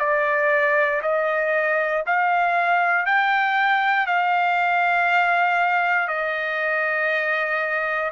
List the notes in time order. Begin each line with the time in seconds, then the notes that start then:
0.00 D5
1.03 D#5
2.06 F5
3.06 G5
4.07 F5
6.08 D#5